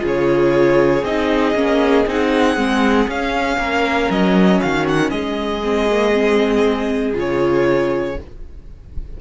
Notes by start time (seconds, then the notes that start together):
0.00 C#3 F4 G#4
0.08 C#5
1.04 C4 D#4 D#5
1.55 A#3 C#4
2.06 C4 D#4 F#5
2.57 G#3 C4
3.07 C#4 F5
3.58 A#3 A#4
4.10 F#3 D#5
4.60 D#3 F#4 F5
4.89 F#5
5.11 G#3 G#4 D#5
5.64 C4
5.91 A#3
6.14 C4
7.15 C#3 F4 C#5